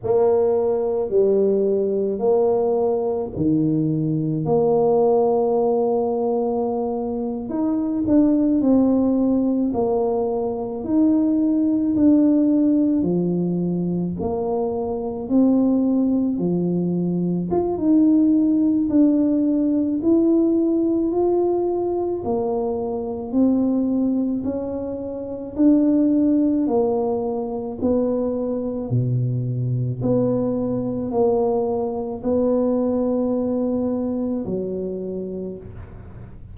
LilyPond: \new Staff \with { instrumentName = "tuba" } { \time 4/4 \tempo 4 = 54 ais4 g4 ais4 dis4 | ais2~ ais8. dis'8 d'8 c'16~ | c'8. ais4 dis'4 d'4 f16~ | f8. ais4 c'4 f4 f'16 |
dis'4 d'4 e'4 f'4 | ais4 c'4 cis'4 d'4 | ais4 b4 b,4 b4 | ais4 b2 fis4 | }